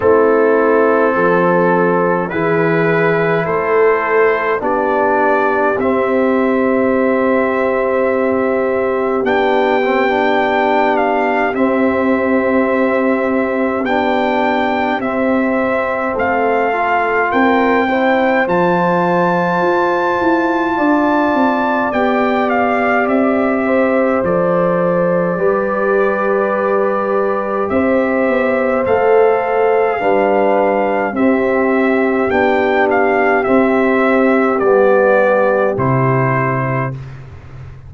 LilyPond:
<<
  \new Staff \with { instrumentName = "trumpet" } { \time 4/4 \tempo 4 = 52 a'2 b'4 c''4 | d''4 e''2. | g''4. f''8 e''2 | g''4 e''4 f''4 g''4 |
a''2. g''8 f''8 | e''4 d''2. | e''4 f''2 e''4 | g''8 f''8 e''4 d''4 c''4 | }
  \new Staff \with { instrumentName = "horn" } { \time 4/4 e'4 a'4 gis'4 a'4 | g'1~ | g'1~ | g'2 a'4 ais'8 c''8~ |
c''2 d''2~ | d''8 c''4. b'2 | c''2 b'4 g'4~ | g'1 | }
  \new Staff \with { instrumentName = "trombone" } { \time 4/4 c'2 e'2 | d'4 c'2. | d'8 c'16 d'4~ d'16 c'2 | d'4 c'4. f'4 e'8 |
f'2. g'4~ | g'4 a'4 g'2~ | g'4 a'4 d'4 c'4 | d'4 c'4 b4 e'4 | }
  \new Staff \with { instrumentName = "tuba" } { \time 4/4 a4 f4 e4 a4 | b4 c'2. | b2 c'2 | b4 c'4 a4 c'4 |
f4 f'8 e'8 d'8 c'8 b4 | c'4 f4 g2 | c'8 b8 a4 g4 c'4 | b4 c'4 g4 c4 | }
>>